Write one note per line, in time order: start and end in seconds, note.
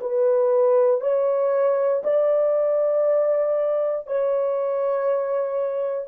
0.00 1.00 B4
1.00 2.02 C#5
2.03 4.06 D5
4.06 6.08 C#5